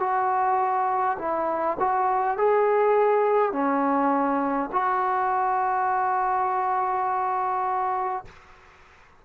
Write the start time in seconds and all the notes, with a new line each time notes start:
0.00 F#4
1.19 E4
1.80 F#4
2.37 G#4
3.52 C#4
4.72 F#4